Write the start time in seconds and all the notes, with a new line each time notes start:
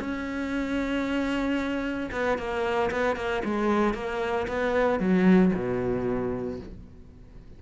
0.00 C#4
2.12 B3
2.38 A#3
2.91 B3
3.17 A#3
3.45 G#3
3.94 A#3
4.48 B3
5.00 F#3
5.55 B2